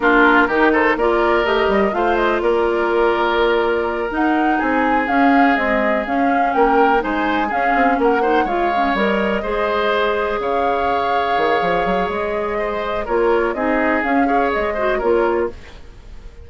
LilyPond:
<<
  \new Staff \with { instrumentName = "flute" } { \time 4/4 \tempo 4 = 124 ais'4. c''8 d''4 dis''4 | f''8 dis''8 d''2.~ | d''8 fis''4 gis''4 f''4 dis''8~ | dis''8 f''4 g''4 gis''4 f''8~ |
f''8 fis''4 f''4 dis''4.~ | dis''4. f''2~ f''8~ | f''4 dis''2 cis''4 | dis''4 f''4 dis''4 cis''4 | }
  \new Staff \with { instrumentName = "oboe" } { \time 4/4 f'4 g'8 a'8 ais'2 | c''4 ais'2.~ | ais'4. gis'2~ gis'8~ | gis'4. ais'4 c''4 gis'8~ |
gis'8 ais'8 c''8 cis''2 c''8~ | c''4. cis''2~ cis''8~ | cis''2 c''4 ais'4 | gis'4. cis''4 c''8 ais'4 | }
  \new Staff \with { instrumentName = "clarinet" } { \time 4/4 d'4 dis'4 f'4 g'4 | f'1~ | f'8 dis'2 cis'4 gis8~ | gis8 cis'2 dis'4 cis'8~ |
cis'4 dis'8 f'8 cis'8 ais'4 gis'8~ | gis'1~ | gis'2. f'4 | dis'4 cis'8 gis'4 fis'8 f'4 | }
  \new Staff \with { instrumentName = "bassoon" } { \time 4/4 ais4 dis4 ais4 a8 g8 | a4 ais2.~ | ais8 dis'4 c'4 cis'4 c'8~ | c'8 cis'4 ais4 gis4 cis'8 |
c'8 ais4 gis4 g4 gis8~ | gis4. cis2 dis8 | f8 fis8 gis2 ais4 | c'4 cis'4 gis4 ais4 | }
>>